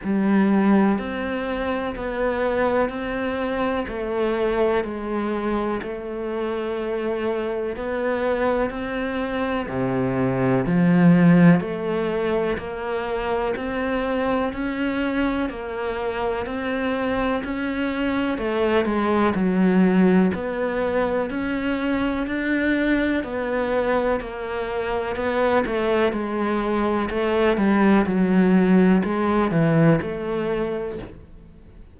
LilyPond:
\new Staff \with { instrumentName = "cello" } { \time 4/4 \tempo 4 = 62 g4 c'4 b4 c'4 | a4 gis4 a2 | b4 c'4 c4 f4 | a4 ais4 c'4 cis'4 |
ais4 c'4 cis'4 a8 gis8 | fis4 b4 cis'4 d'4 | b4 ais4 b8 a8 gis4 | a8 g8 fis4 gis8 e8 a4 | }